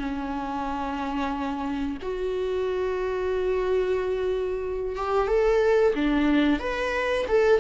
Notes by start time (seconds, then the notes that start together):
0.00 C#4
2.02 F#4
4.96 G4
5.28 A4
5.96 D4
6.60 B4
7.29 A4